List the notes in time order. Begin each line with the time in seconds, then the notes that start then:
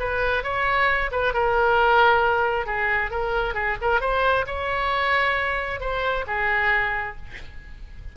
0.00 B4
0.44 C#5
1.12 B4
1.34 A#4
2.66 G#4
3.11 A#4
3.55 G#4
3.82 A#4
4.01 C5
4.47 C#5
5.81 C5
6.27 G#4